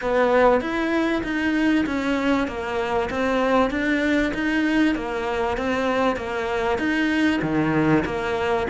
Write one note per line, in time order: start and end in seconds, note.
0.01 0.60 B3
0.60 1.22 E4
1.23 1.85 D#4
1.86 2.47 C#4
2.47 3.09 A#3
3.10 3.70 C4
3.70 4.32 D4
4.34 4.95 D#4
4.95 5.57 A#3
5.57 6.16 C4
6.16 6.78 A#3
6.78 7.40 D#4
7.42 8.04 D#3
8.05 8.67 A#3